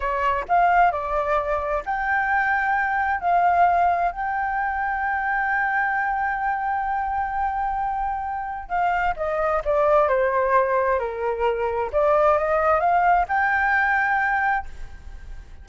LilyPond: \new Staff \with { instrumentName = "flute" } { \time 4/4 \tempo 4 = 131 cis''4 f''4 d''2 | g''2. f''4~ | f''4 g''2.~ | g''1~ |
g''2. f''4 | dis''4 d''4 c''2 | ais'2 d''4 dis''4 | f''4 g''2. | }